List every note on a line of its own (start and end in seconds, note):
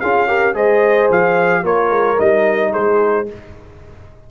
0.00 0.54 C#4
0.00 0.28 F4
0.00 0.28 G#4
0.00 0.55 F5
0.28 0.54 G4
0.28 0.55 A#4
0.54 1.09 G#3
0.54 1.63 G#4
0.54 1.64 C5
0.54 1.11 D#5
1.10 1.64 F3
1.10 1.66 F5
1.63 1.90 A#3
1.63 2.17 F4
1.63 2.72 A#4
1.63 2.20 C#5
1.90 2.17 G#3
2.17 2.74 G3
2.17 3.26 D#4
2.17 2.73 D#5
2.72 3.30 G#3
2.72 3.27 G#4
2.72 3.28 C5